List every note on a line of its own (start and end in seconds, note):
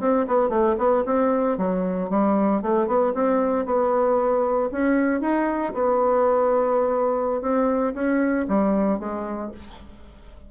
0.00 0.26 C4
0.27 0.49 B3
0.49 0.75 A3
0.78 1.04 B3
1.06 1.58 C4
1.58 2.10 F#3
2.10 2.62 G3
2.62 2.87 A3
2.87 3.13 B3
3.14 3.66 C4
3.66 4.70 B3
4.71 5.21 C#4
5.21 5.73 D#4
5.74 7.41 B3
7.41 7.94 C4
7.94 8.46 C#4
8.48 8.99 G3
8.99 9.51 G#3